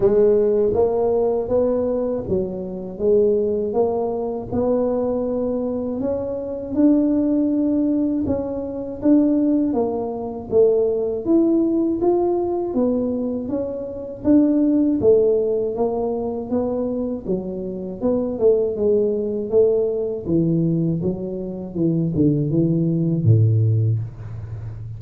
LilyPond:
\new Staff \with { instrumentName = "tuba" } { \time 4/4 \tempo 4 = 80 gis4 ais4 b4 fis4 | gis4 ais4 b2 | cis'4 d'2 cis'4 | d'4 ais4 a4 e'4 |
f'4 b4 cis'4 d'4 | a4 ais4 b4 fis4 | b8 a8 gis4 a4 e4 | fis4 e8 d8 e4 a,4 | }